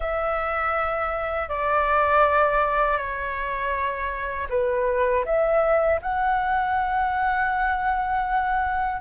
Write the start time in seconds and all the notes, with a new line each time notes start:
0.00 E5
1.49 D5
2.97 C#5
4.49 B4
5.25 E5
6.01 F#5